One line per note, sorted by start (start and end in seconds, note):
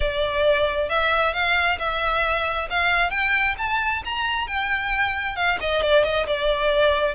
0.00 0.89 D5
0.89 1.33 E5
1.33 1.78 F5
1.78 2.68 E5
2.70 3.10 F5
3.10 3.55 G5
3.58 4.03 A5
4.04 4.47 A#5
4.47 5.35 G5
5.35 5.58 F5
5.60 5.82 D#5
5.82 6.04 D5
6.04 6.26 D#5
6.26 7.14 D5